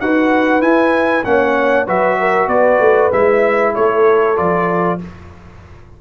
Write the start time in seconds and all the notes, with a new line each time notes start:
0.00 D#4 F#4 B4 F#5
0.61 E4 G#5
1.24 A#3 C#4 C#5 F#5
1.86 F#3 F#4 B4 E5
2.20 A#4
2.48 B3 B4 D5
2.80 A3
3.12 G#3 E4 E5
3.74 A3 A4 C#5
4.36 F3 F4 D5